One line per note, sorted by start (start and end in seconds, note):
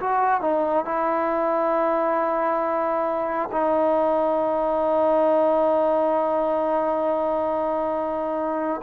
0.00 0.41 F#4
0.41 0.85 D#4
0.85 3.50 E4
3.52 8.82 D#4